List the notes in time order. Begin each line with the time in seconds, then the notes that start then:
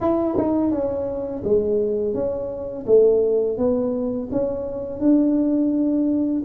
0.00 E4
0.37 D#4
0.71 C#4
1.44 G#3
2.14 C#4
2.86 A3
3.57 B3
4.31 C#4
5.00 D4